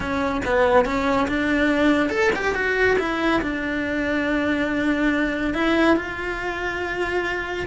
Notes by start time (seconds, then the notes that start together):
0.00 C#4
0.45 B3
0.85 C#4
1.28 D4
2.09 A4
2.35 G4
2.54 F#4
2.98 E4
3.41 D4
5.54 E4
5.96 F4